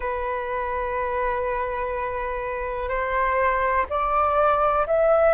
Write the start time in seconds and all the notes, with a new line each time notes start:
0.00 B4
2.89 C5
3.89 D5
4.86 E5